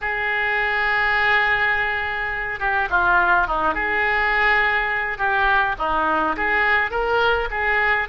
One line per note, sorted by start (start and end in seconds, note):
0.01 2.59 G#4
2.59 2.88 G4
2.90 3.47 F4
3.47 3.74 D#4
3.74 5.18 G#4
5.18 5.75 G4
5.78 6.36 D#4
6.36 6.90 G#4
6.90 7.48 A#4
7.50 8.08 G#4